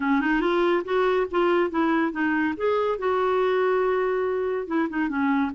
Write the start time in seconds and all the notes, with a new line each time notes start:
0.00 C#4
0.21 D#4
0.40 F4
0.84 F#4
1.31 F4
1.70 E4
2.12 D#4
2.56 G#4
2.98 F#4
4.67 E4
4.89 D#4
5.08 C#4